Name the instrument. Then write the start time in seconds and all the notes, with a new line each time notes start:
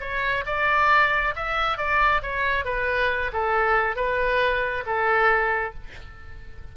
oboe
0.00 C#5
0.46 D5
1.35 E5
1.77 D5
2.22 C#5
2.65 B4
3.32 A4
3.95 B4
4.85 A4